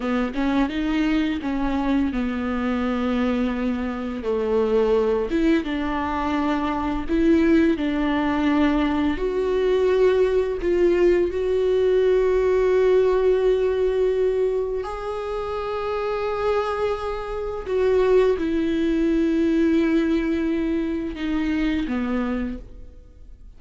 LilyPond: \new Staff \with { instrumentName = "viola" } { \time 4/4 \tempo 4 = 85 b8 cis'8 dis'4 cis'4 b4~ | b2 a4. e'8 | d'2 e'4 d'4~ | d'4 fis'2 f'4 |
fis'1~ | fis'4 gis'2.~ | gis'4 fis'4 e'2~ | e'2 dis'4 b4 | }